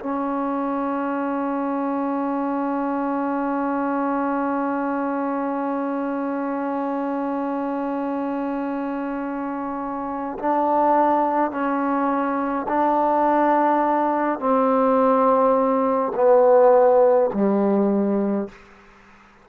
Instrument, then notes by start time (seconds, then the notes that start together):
trombone
0.00 C#4
10.40 D4
11.51 C#4
12.69 D4
14.40 C4
16.15 B3
17.34 G3